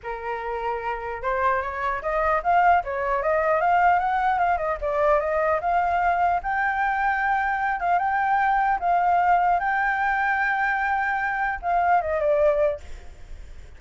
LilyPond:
\new Staff \with { instrumentName = "flute" } { \time 4/4 \tempo 4 = 150 ais'2. c''4 | cis''4 dis''4 f''4 cis''4 | dis''4 f''4 fis''4 f''8 dis''8 | d''4 dis''4 f''2 |
g''2.~ g''8 f''8 | g''2 f''2 | g''1~ | g''4 f''4 dis''8 d''4. | }